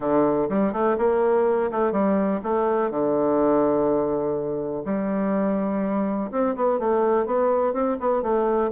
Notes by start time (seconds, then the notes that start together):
0.00 D3
0.49 G3
0.72 A3
0.98 A#3
1.71 A3
1.92 G3
2.43 A3
2.90 D3
4.85 G3
6.31 C4
6.55 B3
6.79 A3
7.26 B3
7.73 C4
8.00 B3
8.22 A3